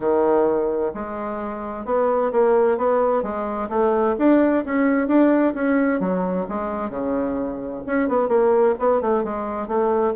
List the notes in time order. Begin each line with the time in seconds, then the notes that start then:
0.00 D#3
0.94 G#3
1.85 B3
2.31 A#3
2.77 B3
3.22 G#3
3.69 A3
4.18 D4
4.65 C#4
5.07 D4
5.54 C#4
6.00 F#3
6.48 G#3
6.90 C#3
7.86 C#4
8.08 B3
8.28 A#3
8.79 B3
9.01 A3
9.23 G#3
9.67 A3